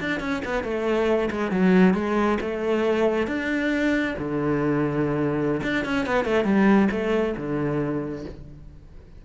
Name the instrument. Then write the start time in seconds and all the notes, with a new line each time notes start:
cello
0.00 D4
0.20 C#4
0.45 B3
0.63 A3
1.31 G#3
1.51 F#3
1.94 G#3
2.41 A3
3.27 D4
4.18 D3
5.63 D4
5.85 C#4
6.06 B3
6.25 A3
6.44 G3
6.91 A3
7.37 D3